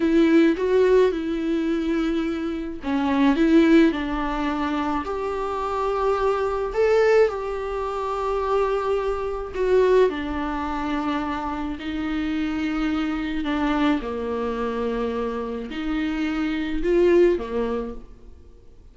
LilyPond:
\new Staff \with { instrumentName = "viola" } { \time 4/4 \tempo 4 = 107 e'4 fis'4 e'2~ | e'4 cis'4 e'4 d'4~ | d'4 g'2. | a'4 g'2.~ |
g'4 fis'4 d'2~ | d'4 dis'2. | d'4 ais2. | dis'2 f'4 ais4 | }